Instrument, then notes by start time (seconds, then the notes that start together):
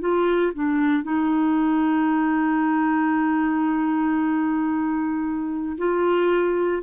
clarinet
0.00 F4
0.54 D4
1.03 D#4
5.78 F4